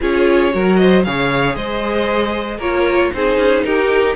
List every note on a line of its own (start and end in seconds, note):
0.00 0.54 C#4
0.00 0.51 F4
0.00 0.53 G#4
0.00 0.76 C#5
0.51 1.06 F#3
0.51 1.03 F#4
0.51 0.80 A#4
0.76 1.06 C5
0.76 1.02 D#5
1.03 1.55 C#3
1.03 2.61 G#4
1.03 1.56 C#5
1.03 1.55 F5
1.55 2.58 G#3
1.55 2.57 C5
1.55 2.60 D#5
2.57 3.10 A#3
2.57 3.13 F4
2.57 3.10 A#4
2.57 3.12 C#5
3.13 3.37 C4
3.13 4.16 D#4
3.13 3.65 G#4
3.13 3.64 C5
3.37 3.63 C#4
3.64 4.16 D#4
3.64 4.16 G4
3.64 4.16 A#4